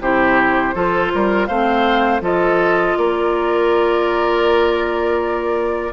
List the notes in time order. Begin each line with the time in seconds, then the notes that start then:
0.00 C3 E4 G4 C5
0.74 F3 F4 A4
1.14 G3 A#4
1.46 A3 C4 C5 F5
2.21 F3 F4 A4 D#5
2.97 A#3 A#4 D5